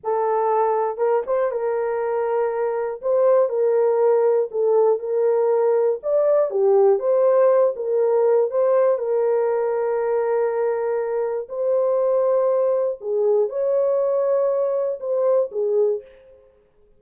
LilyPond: \new Staff \with { instrumentName = "horn" } { \time 4/4 \tempo 4 = 120 a'2 ais'8 c''8 ais'4~ | ais'2 c''4 ais'4~ | ais'4 a'4 ais'2 | d''4 g'4 c''4. ais'8~ |
ais'4 c''4 ais'2~ | ais'2. c''4~ | c''2 gis'4 cis''4~ | cis''2 c''4 gis'4 | }